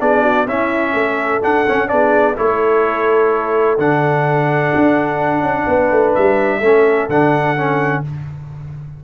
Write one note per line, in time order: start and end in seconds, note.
0.00 0.48 B3
0.00 0.47 D4
0.00 0.23 G#4
0.00 0.48 D5
0.23 0.47 F#4
0.47 1.42 C#4
0.47 0.94 C#4
0.47 0.95 E4
0.47 1.43 E5
0.94 1.41 A3
0.94 1.90 A4
1.42 1.66 D4
1.42 1.68 D4
1.42 1.89 F#5
1.68 1.88 C#4
1.68 1.92 C#4
1.88 2.39 B3
1.88 2.35 D4
1.88 2.38 G#4
1.88 2.36 D5
2.37 3.78 A3
2.37 3.78 E4
2.37 5.68 A4
2.37 3.79 C#5
3.78 4.73 D3
3.78 6.62 D4
3.78 6.15 F#5
4.76 5.41 D4
5.41 5.64 C#4
5.68 5.91 B3
5.68 6.60 B4
5.92 6.15 A3
6.15 6.62 G3
6.15 7.09 E5
6.60 7.09 A3
6.60 7.10 C#4
6.60 8.01 A4
7.09 8.04 D3
7.09 7.57 D4
7.09 8.04 F#5
7.57 8.05 C#4